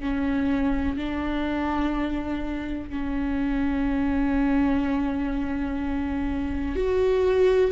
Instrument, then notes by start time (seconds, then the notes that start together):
viola
0.00 C#4
0.97 D4
2.89 C#4
6.75 F#4